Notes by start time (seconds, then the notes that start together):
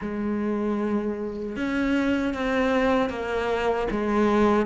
0.01 G#3
1.56 C#4
2.34 C4
3.09 A#3
3.90 G#3